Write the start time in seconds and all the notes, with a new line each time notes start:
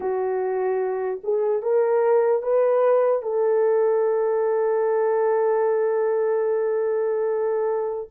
0.00 F#4
1.23 G#4
1.62 A#4
2.42 B4
3.22 A4